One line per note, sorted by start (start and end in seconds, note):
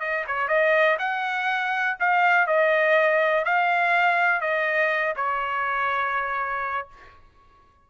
0.00 0.25 D#5
0.27 0.48 C#5
0.48 0.97 D#5
0.99 1.97 F#5
1.99 2.47 F5
2.47 3.44 D#5
3.44 4.41 F5
4.41 5.14 D#5
5.16 6.88 C#5